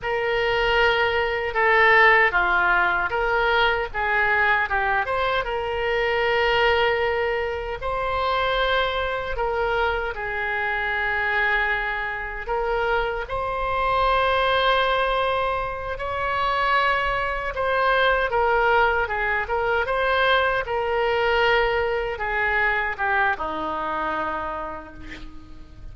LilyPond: \new Staff \with { instrumentName = "oboe" } { \time 4/4 \tempo 4 = 77 ais'2 a'4 f'4 | ais'4 gis'4 g'8 c''8 ais'4~ | ais'2 c''2 | ais'4 gis'2. |
ais'4 c''2.~ | c''8 cis''2 c''4 ais'8~ | ais'8 gis'8 ais'8 c''4 ais'4.~ | ais'8 gis'4 g'8 dis'2 | }